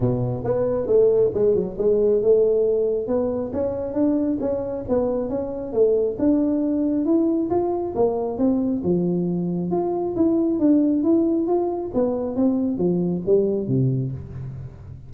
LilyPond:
\new Staff \with { instrumentName = "tuba" } { \time 4/4 \tempo 4 = 136 b,4 b4 a4 gis8 fis8 | gis4 a2 b4 | cis'4 d'4 cis'4 b4 | cis'4 a4 d'2 |
e'4 f'4 ais4 c'4 | f2 f'4 e'4 | d'4 e'4 f'4 b4 | c'4 f4 g4 c4 | }